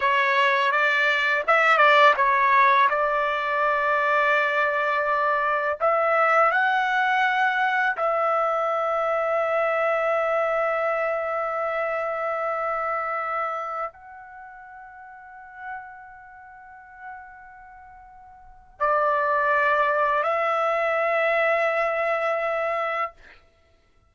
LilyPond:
\new Staff \with { instrumentName = "trumpet" } { \time 4/4 \tempo 4 = 83 cis''4 d''4 e''8 d''8 cis''4 | d''1 | e''4 fis''2 e''4~ | e''1~ |
e''2.~ e''16 fis''8.~ | fis''1~ | fis''2 d''2 | e''1 | }